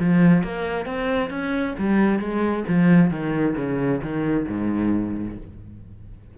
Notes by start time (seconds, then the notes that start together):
0.00 F3
0.44 A#3
0.86 C4
1.30 C#4
1.78 G3
2.20 G#3
2.68 F3
3.11 D#3
3.56 C#3
4.02 D#3
4.48 G#2